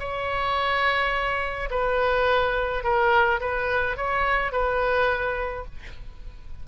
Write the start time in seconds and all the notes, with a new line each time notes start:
0.00 C#5
1.71 B4
2.84 A#4
3.41 B4
3.97 C#5
4.52 B4